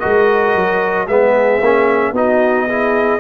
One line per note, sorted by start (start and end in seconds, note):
0.00 0.55 G#3
0.00 1.08 F#4
0.00 1.08 A#4
0.00 1.07 D#5
0.55 1.08 F#3
1.08 1.61 G#3
1.08 1.63 B3
1.08 2.13 G#4
1.08 2.15 E5
1.61 2.13 A#3
1.61 2.15 C#4
2.13 3.20 B3
2.13 2.69 D#4
2.13 2.67 F#4
2.13 3.20 D#5
2.68 3.20 E4
2.68 3.20 G#4